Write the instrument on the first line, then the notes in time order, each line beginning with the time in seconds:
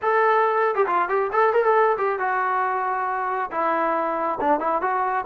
trombone
0.01 A4
0.75 G4
0.87 F4
1.08 G4
1.32 A4
1.53 A#4
1.63 A4
1.97 G4
2.19 F#4
3.51 E4
4.40 D4
4.59 E4
4.81 F#4